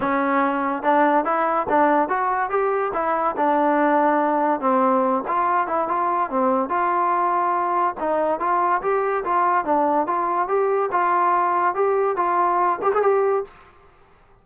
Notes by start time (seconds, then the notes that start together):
0.00 C#4
0.82 D4
1.24 E4
1.69 D4
2.08 F#4
2.50 G4
2.93 E4
3.36 D4
4.60 C4
5.27 F4
5.67 E4
5.88 F4
6.30 C4
6.69 F4
7.99 D#4
8.39 F4
8.82 G4
9.24 F4
9.64 D4
10.07 F4
10.48 G4
10.91 F4
11.74 G4
12.16 F4
12.81 G4
12.93 G#4
13.02 G4